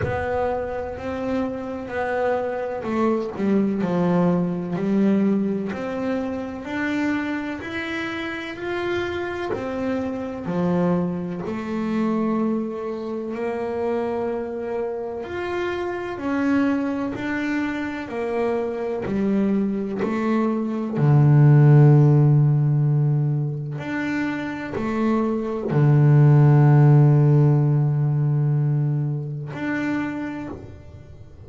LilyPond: \new Staff \with { instrumentName = "double bass" } { \time 4/4 \tempo 4 = 63 b4 c'4 b4 a8 g8 | f4 g4 c'4 d'4 | e'4 f'4 c'4 f4 | a2 ais2 |
f'4 cis'4 d'4 ais4 | g4 a4 d2~ | d4 d'4 a4 d4~ | d2. d'4 | }